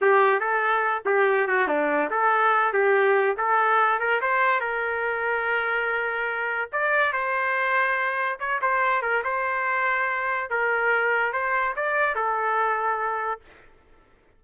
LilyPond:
\new Staff \with { instrumentName = "trumpet" } { \time 4/4 \tempo 4 = 143 g'4 a'4. g'4 fis'8 | d'4 a'4. g'4. | a'4. ais'8 c''4 ais'4~ | ais'1 |
d''4 c''2. | cis''8 c''4 ais'8 c''2~ | c''4 ais'2 c''4 | d''4 a'2. | }